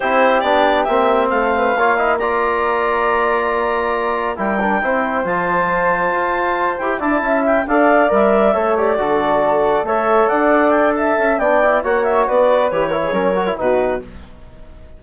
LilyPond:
<<
  \new Staff \with { instrumentName = "clarinet" } { \time 4/4 \tempo 4 = 137 c''4 d''4 e''4 f''4~ | f''4 ais''2.~ | ais''2 g''2 | a''2.~ a''8 g''8 |
a''4 g''8 f''4 e''4. | d''2~ d''8 e''4 fis''8~ | fis''8 g''8 a''4 g''4 fis''8 e''8 | d''4 cis''2 b'4 | }
  \new Staff \with { instrumentName = "flute" } { \time 4/4 g'2. a'8 b'8 | cis''8 dis''8 d''2.~ | d''2 ais'4 c''4~ | c''1 |
d''8 e''4 d''2 cis''8~ | cis''8 a'2 cis''4 d''8~ | d''4 e''4 d''4 cis''4 | b'4. ais'16 gis'16 ais'4 fis'4 | }
  \new Staff \with { instrumentName = "trombone" } { \time 4/4 e'4 d'4 c'2 | f'8 e'8 f'2.~ | f'2 e'8 d'8 e'4 | f'2.~ f'8 g'8 |
e'4. a'4 ais'4 a'8 | g'8 fis'2 a'4.~ | a'2 d'8 e'8 fis'4~ | fis'4 g'8 e'8 cis'8 fis'16 e'16 dis'4 | }
  \new Staff \with { instrumentName = "bassoon" } { \time 4/4 c'4 b4 ais4 a4 | ais1~ | ais2 g4 c'4 | f2 f'4. e'8 |
d'8 cis'4 d'4 g4 a8~ | a8 d2 a4 d'8~ | d'4. cis'8 b4 ais4 | b4 e4 fis4 b,4 | }
>>